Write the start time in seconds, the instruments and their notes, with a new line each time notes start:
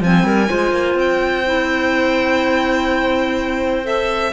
0.00 cello F3, clarinet C4 C5, violin G#5
0.23 cello G3, clarinet A#4
0.47 cello G#3, clarinet F4 C5
0.71 cello A#3
0.94 cello C4, violin G5
1.46 clarinet E4
3.83 clarinet A4, violin E5